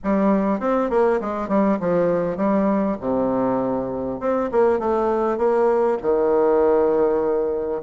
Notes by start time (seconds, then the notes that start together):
0.03 G3
0.60 C4
0.90 A#3
1.21 G#3
1.48 G3
1.80 F3
2.36 G3
3.00 C3
4.19 C4
4.51 A#3
4.79 A3
5.37 A#3
6.02 D#3